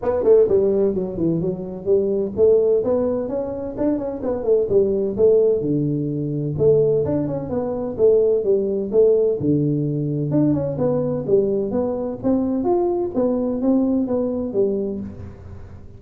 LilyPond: \new Staff \with { instrumentName = "tuba" } { \time 4/4 \tempo 4 = 128 b8 a8 g4 fis8 e8 fis4 | g4 a4 b4 cis'4 | d'8 cis'8 b8 a8 g4 a4 | d2 a4 d'8 cis'8 |
b4 a4 g4 a4 | d2 d'8 cis'8 b4 | g4 b4 c'4 f'4 | b4 c'4 b4 g4 | }